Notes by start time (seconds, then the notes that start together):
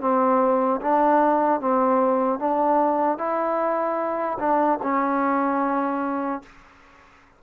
0.00 C4
0.81 D4
1.60 C4
2.39 D4
3.18 E4
4.39 D4
4.82 C#4